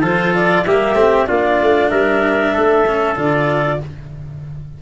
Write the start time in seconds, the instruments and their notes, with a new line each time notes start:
0.00 tuba F3, cello F4, trumpet A4, clarinet C5
0.34 clarinet D5
0.65 tuba G3, cello A#3, trumpet G4, clarinet E5
0.94 tuba A3, cello C4
1.26 tuba A#3, cello D4, trumpet F4, clarinet D5
1.61 tuba A3
1.89 tuba G3, trumpet A#4, clarinet E5
2.53 tuba A3, trumpet A4
2.86 cello C#4
3.15 tuba D3, cello F4, clarinet D5